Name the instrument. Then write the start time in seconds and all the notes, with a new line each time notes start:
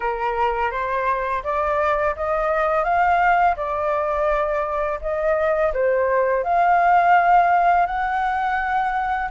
flute
0.00 A#4
0.71 C5
1.43 D5
2.16 D#5
2.83 F5
3.56 D5
5.01 D#5
5.73 C5
6.43 F5
7.86 F#5